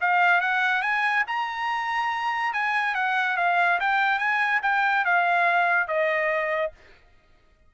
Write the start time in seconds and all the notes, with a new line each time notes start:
0.00 F5
0.41 F#5
0.81 G#5
1.27 A#5
2.53 G#5
2.95 F#5
3.36 F5
3.80 G5
4.18 G#5
4.62 G5
5.04 F5
5.87 D#5